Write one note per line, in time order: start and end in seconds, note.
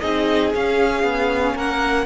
0.00 0.54 C4
0.00 0.53 D#4
0.00 1.55 G#4
0.00 0.51 D#5
0.54 2.06 C#4
0.54 1.03 C#4
0.54 1.57 F5
1.03 1.55 B3
1.55 2.06 A#3
1.55 2.06 A#4
1.55 2.06 F#5